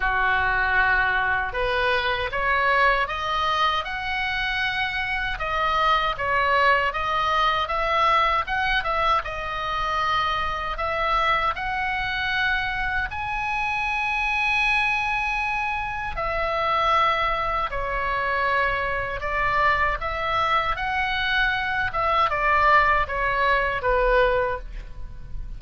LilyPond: \new Staff \with { instrumentName = "oboe" } { \time 4/4 \tempo 4 = 78 fis'2 b'4 cis''4 | dis''4 fis''2 dis''4 | cis''4 dis''4 e''4 fis''8 e''8 | dis''2 e''4 fis''4~ |
fis''4 gis''2.~ | gis''4 e''2 cis''4~ | cis''4 d''4 e''4 fis''4~ | fis''8 e''8 d''4 cis''4 b'4 | }